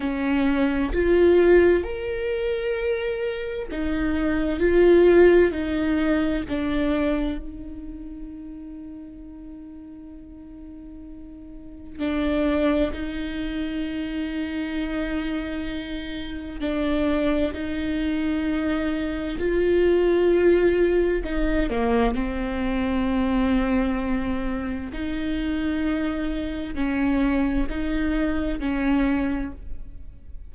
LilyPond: \new Staff \with { instrumentName = "viola" } { \time 4/4 \tempo 4 = 65 cis'4 f'4 ais'2 | dis'4 f'4 dis'4 d'4 | dis'1~ | dis'4 d'4 dis'2~ |
dis'2 d'4 dis'4~ | dis'4 f'2 dis'8 ais8 | c'2. dis'4~ | dis'4 cis'4 dis'4 cis'4 | }